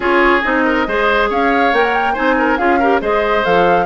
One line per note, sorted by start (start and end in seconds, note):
0.00 0.43 C#4
0.00 0.41 F4
0.00 0.64 G#4
0.00 0.42 C#5
0.42 0.87 C4
0.42 0.87 D#4
0.42 1.28 D#5
0.65 0.86 A#4
0.87 1.30 G#3
0.87 1.74 G#4
0.87 1.29 C5
1.29 1.72 C#4
1.29 2.13 C#5
1.29 1.74 F5
1.72 2.16 A#3
1.72 2.15 A#4
1.72 1.83 G5
1.83 1.93 F#5
1.93 2.15 G5
2.13 2.58 C4
2.13 2.57 D#4
2.13 2.35 C5
2.13 2.57 G#5
2.37 2.58 A#4
2.57 3.01 C#4
2.57 2.79 F4
2.57 2.79 G#4
2.57 3.00 F5
2.79 3.00 G4
2.79 3.00 A#4
3.00 3.44 G#3
3.00 3.43 G#4
3.00 3.85 C5
3.00 3.45 D#5
3.43 3.85 F3
3.43 3.85 A4
3.43 3.85 F5